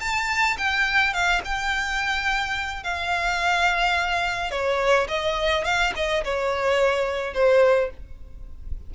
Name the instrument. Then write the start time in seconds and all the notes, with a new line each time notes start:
violin
0.00 A5
0.58 G5
1.13 F5
1.44 G5
2.83 F5
4.51 C#5
5.08 D#5
5.64 F5
5.95 D#5
6.24 C#5
7.34 C5